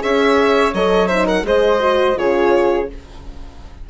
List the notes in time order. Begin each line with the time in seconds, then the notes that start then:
0.00 C#4 G#4 C#5 E5
0.74 F#3 A4 D#5
1.08 D#4 C5 E5
1.26 A#4 F#5
1.43 G#3 G#4 C5 D#5
1.80 F#4
2.15 C#3 F4 G#4 C#5